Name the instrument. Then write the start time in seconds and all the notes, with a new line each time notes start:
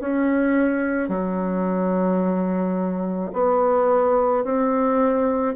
bassoon
0.00 C#4
1.09 F#3
3.33 B3
4.44 C4